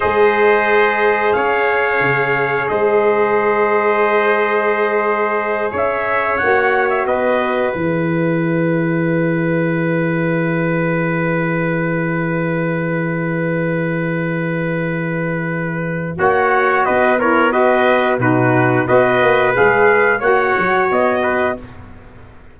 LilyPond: <<
  \new Staff \with { instrumentName = "trumpet" } { \time 4/4 \tempo 4 = 89 dis''2 f''2 | dis''1~ | dis''8 e''4 fis''8. e''16 dis''4 e''8~ | e''1~ |
e''1~ | e''1 | fis''4 dis''8 cis''8 dis''4 b'4 | dis''4 f''4 fis''4 dis''4 | }
  \new Staff \with { instrumentName = "trumpet" } { \time 4/4 c''2 cis''2 | c''1~ | c''8 cis''2 b'4.~ | b'1~ |
b'1~ | b'1 | cis''4 b'8 ais'8 b'4 fis'4 | b'2 cis''4. b'8 | }
  \new Staff \with { instrumentName = "saxophone" } { \time 4/4 gis'1~ | gis'1~ | gis'4. fis'2 gis'8~ | gis'1~ |
gis'1~ | gis'1 | fis'4. e'8 fis'4 dis'4 | fis'4 gis'4 fis'2 | }
  \new Staff \with { instrumentName = "tuba" } { \time 4/4 gis2 cis'4 cis4 | gis1~ | gis8 cis'4 ais4 b4 e8~ | e1~ |
e1~ | e1 | ais4 b2 b,4 | b8 ais8 gis4 ais8 fis8 b4 | }
>>